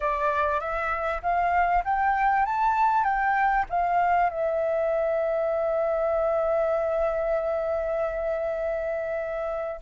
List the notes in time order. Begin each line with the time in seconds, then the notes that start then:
0.00 D5
0.60 E5
1.22 F5
1.84 G5
2.45 A5
3.04 G5
3.69 F5
4.29 E5